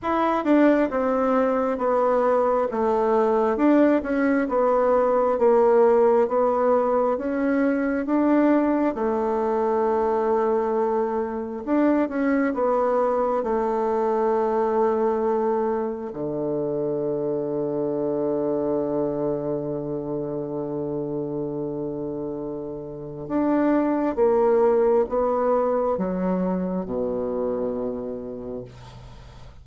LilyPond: \new Staff \with { instrumentName = "bassoon" } { \time 4/4 \tempo 4 = 67 e'8 d'8 c'4 b4 a4 | d'8 cis'8 b4 ais4 b4 | cis'4 d'4 a2~ | a4 d'8 cis'8 b4 a4~ |
a2 d2~ | d1~ | d2 d'4 ais4 | b4 fis4 b,2 | }